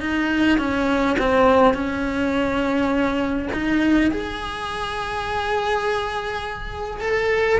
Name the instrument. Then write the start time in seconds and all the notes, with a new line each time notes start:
cello
0.00 D#4
0.58 C#4
1.19 C4
1.74 C#4
3.53 D#4
4.11 G#4
7.01 A4